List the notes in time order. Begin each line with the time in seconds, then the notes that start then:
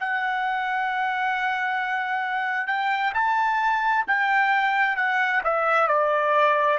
0.00 F#5
2.67 G5
3.14 A5
4.07 G5
4.96 F#5
5.44 E5
5.88 D5